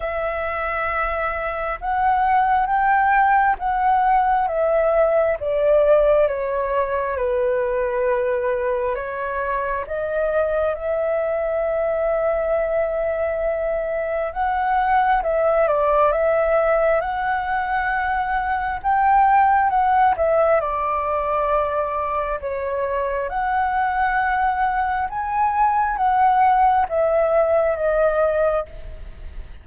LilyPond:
\new Staff \with { instrumentName = "flute" } { \time 4/4 \tempo 4 = 67 e''2 fis''4 g''4 | fis''4 e''4 d''4 cis''4 | b'2 cis''4 dis''4 | e''1 |
fis''4 e''8 d''8 e''4 fis''4~ | fis''4 g''4 fis''8 e''8 d''4~ | d''4 cis''4 fis''2 | gis''4 fis''4 e''4 dis''4 | }